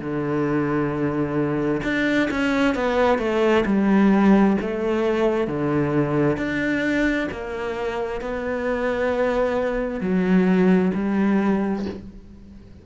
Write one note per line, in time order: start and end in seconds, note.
0.00 1.82 D3
1.83 2.29 D4
2.30 2.75 C#4
2.75 3.19 B3
3.19 3.64 A3
3.66 4.57 G3
4.61 5.48 A3
5.48 6.37 D3
6.37 7.28 D4
7.31 8.21 A#3
8.21 10.00 B3
10.00 10.91 F#3
10.94 11.85 G3